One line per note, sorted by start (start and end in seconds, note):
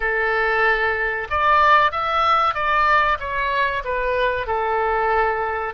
0.00 1.28 A4
1.30 1.91 D5
1.91 2.54 E5
2.54 3.18 D5
3.19 3.83 C#5
3.84 4.46 B4
4.46 5.74 A4